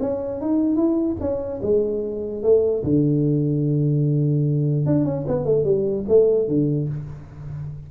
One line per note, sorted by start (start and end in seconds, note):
0.00 0.41 C#4
0.41 0.76 D#4
0.76 1.16 E4
1.20 1.61 C#4
1.62 2.43 G#3
2.43 2.83 A3
2.83 4.86 D3
4.86 5.05 D4
5.05 5.25 C#4
5.27 5.45 B3
5.45 5.64 A3
5.64 6.05 G3
6.08 6.48 A3
6.48 6.88 D3